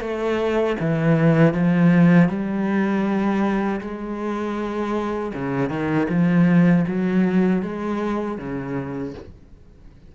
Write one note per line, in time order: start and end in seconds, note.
0.00 0.76 A3
0.80 1.53 E3
1.53 2.28 F3
2.28 3.80 G3
3.80 5.32 G#3
5.34 5.69 C#3
5.69 6.07 D#3
6.09 6.85 F3
6.87 7.62 F#3
7.62 8.38 G#3
8.38 9.14 C#3